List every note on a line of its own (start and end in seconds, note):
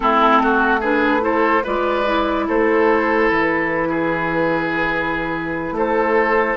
0.00 1.63 A3
0.00 0.81 C4
0.00 0.42 E4
0.00 0.82 A4
0.42 0.80 F#4
0.80 1.20 D4
0.80 1.21 G#4
0.80 1.23 B4
1.20 1.61 E4
1.20 1.63 A4
1.20 1.64 C5
1.63 2.48 G#3
1.63 2.05 F4
1.63 2.45 B4
1.63 2.48 D5
2.05 6.56 E4
2.48 3.30 A3
2.48 3.89 A4
2.48 3.30 C5
3.30 5.71 E3
3.30 5.76 B4
3.89 5.73 G#4
5.71 6.53 A3
5.71 6.56 A4
5.77 6.56 C5